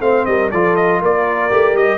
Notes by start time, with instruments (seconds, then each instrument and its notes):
0.00 tuba A3, trombone C4, horn C5, trumpet F5
0.26 tuba G3, horn A#4, trumpet D#5
0.51 tuba F3, trombone F4, horn A4, trumpet D5
0.76 trumpet D#5
1.01 tuba A#3, horn A#4, trumpet D5
1.51 tuba A3, trombone G4
1.74 tuba G3, trumpet D#5